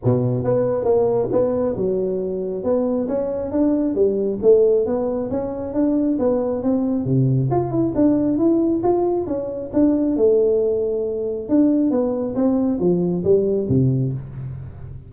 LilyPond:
\new Staff \with { instrumentName = "tuba" } { \time 4/4 \tempo 4 = 136 b,4 b4 ais4 b4 | fis2 b4 cis'4 | d'4 g4 a4 b4 | cis'4 d'4 b4 c'4 |
c4 f'8 e'8 d'4 e'4 | f'4 cis'4 d'4 a4~ | a2 d'4 b4 | c'4 f4 g4 c4 | }